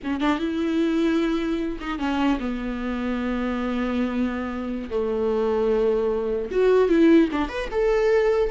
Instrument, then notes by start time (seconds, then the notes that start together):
viola
0.03 C#4
0.20 D4
0.38 E4
1.80 D#4
1.99 C#4
2.39 B3
4.90 A3
6.51 F#4
6.89 E4
7.32 D4
7.48 B4
7.71 A4